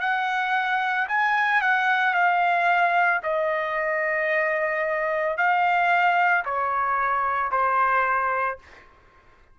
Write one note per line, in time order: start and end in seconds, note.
0.00 1.07 F#5
1.08 1.61 G#5
1.61 2.14 F#5
2.14 3.21 F5
3.23 5.37 D#5
5.37 6.44 F5
6.45 7.51 C#5
7.51 8.58 C5